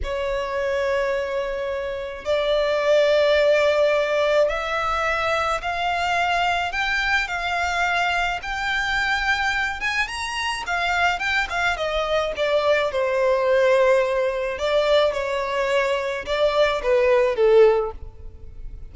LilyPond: \new Staff \with { instrumentName = "violin" } { \time 4/4 \tempo 4 = 107 cis''1 | d''1 | e''2 f''2 | g''4 f''2 g''4~ |
g''4. gis''8 ais''4 f''4 | g''8 f''8 dis''4 d''4 c''4~ | c''2 d''4 cis''4~ | cis''4 d''4 b'4 a'4 | }